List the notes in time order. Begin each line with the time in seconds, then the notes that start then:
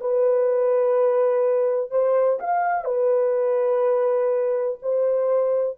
0.00 B4
1.90 C5
2.40 F5
2.85 B4
4.83 C5